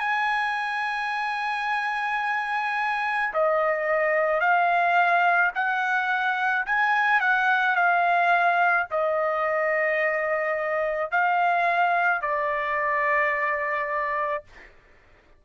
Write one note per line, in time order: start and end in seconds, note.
0.00 3.33 G#5
3.34 4.41 D#5
4.41 5.52 F5
5.55 6.66 F#5
6.67 7.21 G#5
7.21 7.76 F#5
7.76 8.87 F5
8.91 11.12 D#5
11.12 12.22 F5
12.22 14.44 D5